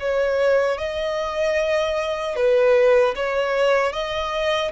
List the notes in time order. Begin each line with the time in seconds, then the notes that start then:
0.00 C#5
0.78 D#5
2.36 B4
3.15 C#5
3.93 D#5